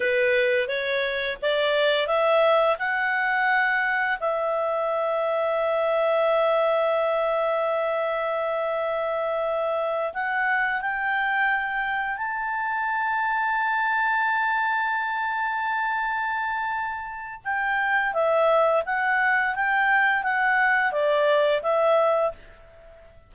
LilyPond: \new Staff \with { instrumentName = "clarinet" } { \time 4/4 \tempo 4 = 86 b'4 cis''4 d''4 e''4 | fis''2 e''2~ | e''1~ | e''2~ e''8 fis''4 g''8~ |
g''4. a''2~ a''8~ | a''1~ | a''4 g''4 e''4 fis''4 | g''4 fis''4 d''4 e''4 | }